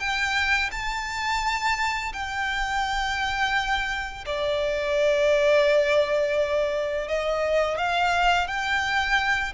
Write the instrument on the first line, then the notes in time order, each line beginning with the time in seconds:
violin
0.00 G5
0.72 A5
2.13 G5
4.26 D5
7.08 D#5
7.78 F5
8.48 G5